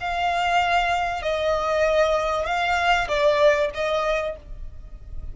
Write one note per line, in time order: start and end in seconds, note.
0.00 1.22 F5
1.22 2.46 D#5
2.46 3.08 F5
3.08 3.70 D5
3.74 4.36 D#5